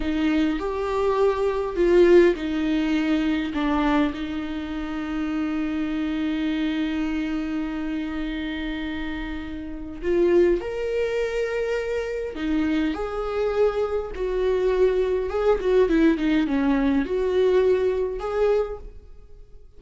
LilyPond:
\new Staff \with { instrumentName = "viola" } { \time 4/4 \tempo 4 = 102 dis'4 g'2 f'4 | dis'2 d'4 dis'4~ | dis'1~ | dis'1~ |
dis'4 f'4 ais'2~ | ais'4 dis'4 gis'2 | fis'2 gis'8 fis'8 e'8 dis'8 | cis'4 fis'2 gis'4 | }